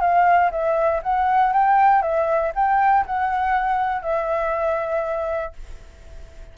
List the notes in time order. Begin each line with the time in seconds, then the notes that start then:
0.00 F5
0.51 E5
1.02 F#5
1.52 G5
2.02 E5
2.55 G5
3.06 F#5
4.02 E5